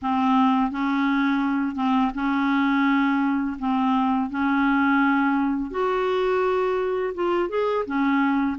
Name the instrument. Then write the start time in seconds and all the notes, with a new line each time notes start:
clarinet
0.02 C4
0.71 C#4
1.75 C4
2.14 C#4
3.59 C4
4.30 C#4
5.70 F#4
7.14 F4
7.49 G#4
7.85 C#4